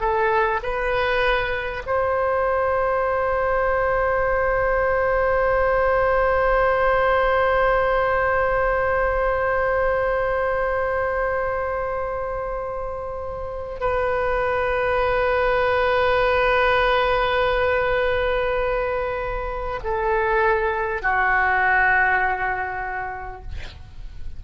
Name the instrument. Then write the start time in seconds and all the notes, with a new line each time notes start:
oboe
0.00 A4
0.63 B4
1.85 C5
13.80 B4
19.83 A4
21.02 F#4